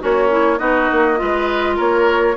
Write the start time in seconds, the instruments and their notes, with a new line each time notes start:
0.00 bassoon A#3, oboe C#4, clarinet F#4, flute C#5
0.30 clarinet E4
0.59 bassoon B3, clarinet D#4, oboe F#4, flute D#5
0.92 bassoon A#3
1.16 bassoon G#3, clarinet F4, oboe B4
1.77 bassoon A#3, oboe A#4, flute C#5